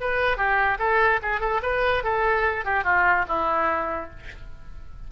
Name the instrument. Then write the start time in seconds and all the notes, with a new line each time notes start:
oboe
0.00 B4
0.37 G4
0.78 A4
1.22 G#4
1.40 A4
1.62 B4
2.03 A4
2.65 G4
2.84 F4
3.27 E4